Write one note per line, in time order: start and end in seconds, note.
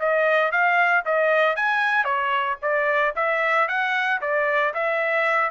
0.00 0.52 D#5
0.52 1.05 F5
1.05 1.56 D#5
1.56 2.05 G#5
2.05 2.57 C#5
2.62 3.15 D5
3.16 3.68 E5
3.68 4.21 F#5
4.21 4.74 D5
4.74 5.51 E5